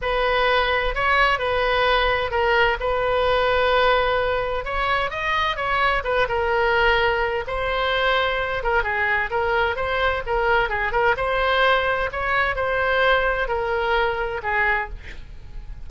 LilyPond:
\new Staff \with { instrumentName = "oboe" } { \time 4/4 \tempo 4 = 129 b'2 cis''4 b'4~ | b'4 ais'4 b'2~ | b'2 cis''4 dis''4 | cis''4 b'8 ais'2~ ais'8 |
c''2~ c''8 ais'8 gis'4 | ais'4 c''4 ais'4 gis'8 ais'8 | c''2 cis''4 c''4~ | c''4 ais'2 gis'4 | }